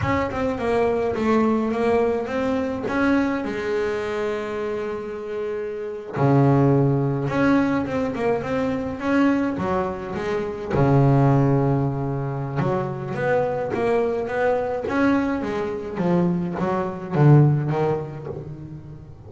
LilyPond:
\new Staff \with { instrumentName = "double bass" } { \time 4/4 \tempo 4 = 105 cis'8 c'8 ais4 a4 ais4 | c'4 cis'4 gis2~ | gis2~ gis8. cis4~ cis16~ | cis8. cis'4 c'8 ais8 c'4 cis'16~ |
cis'8. fis4 gis4 cis4~ cis16~ | cis2 fis4 b4 | ais4 b4 cis'4 gis4 | f4 fis4 d4 dis4 | }